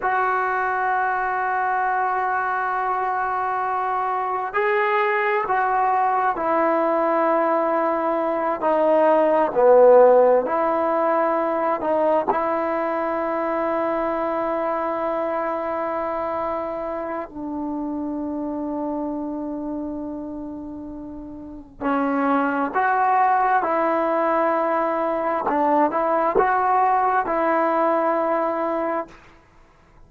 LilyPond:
\new Staff \with { instrumentName = "trombone" } { \time 4/4 \tempo 4 = 66 fis'1~ | fis'4 gis'4 fis'4 e'4~ | e'4. dis'4 b4 e'8~ | e'4 dis'8 e'2~ e'8~ |
e'2. d'4~ | d'1 | cis'4 fis'4 e'2 | d'8 e'8 fis'4 e'2 | }